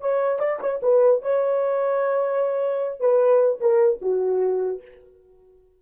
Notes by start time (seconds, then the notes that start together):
0.00 C#5
0.39 D5
0.60 C#5
0.82 B4
1.21 C#5
3.00 B4
3.60 A#4
4.01 F#4